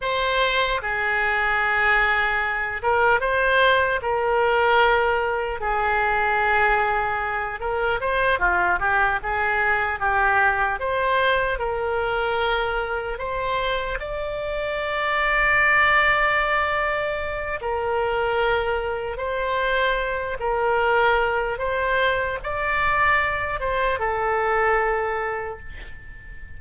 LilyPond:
\new Staff \with { instrumentName = "oboe" } { \time 4/4 \tempo 4 = 75 c''4 gis'2~ gis'8 ais'8 | c''4 ais'2 gis'4~ | gis'4. ais'8 c''8 f'8 g'8 gis'8~ | gis'8 g'4 c''4 ais'4.~ |
ais'8 c''4 d''2~ d''8~ | d''2 ais'2 | c''4. ais'4. c''4 | d''4. c''8 a'2 | }